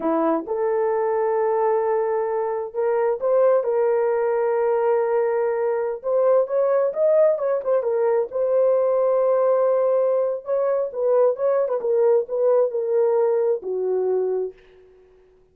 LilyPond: \new Staff \with { instrumentName = "horn" } { \time 4/4 \tempo 4 = 132 e'4 a'2.~ | a'2 ais'4 c''4 | ais'1~ | ais'4~ ais'16 c''4 cis''4 dis''8.~ |
dis''16 cis''8 c''8 ais'4 c''4.~ c''16~ | c''2. cis''4 | b'4 cis''8. b'16 ais'4 b'4 | ais'2 fis'2 | }